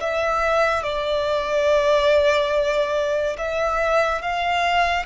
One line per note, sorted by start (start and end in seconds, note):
0.00 0.83 E5
0.83 3.36 D5
3.38 4.22 E5
4.22 5.06 F5